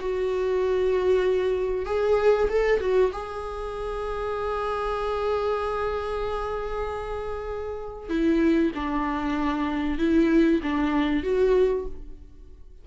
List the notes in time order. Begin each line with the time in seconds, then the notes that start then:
0.00 F#4
1.86 G#4
2.50 A4
2.81 F#4
3.13 G#4
8.10 E4
8.76 D4
9.99 E4
10.63 D4
11.24 F#4